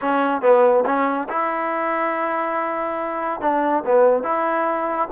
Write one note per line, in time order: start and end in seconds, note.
0.01 0.41 C#4
0.41 0.84 B3
0.85 1.28 C#4
1.28 3.40 E4
3.40 3.83 D4
3.85 4.23 B3
4.23 5.08 E4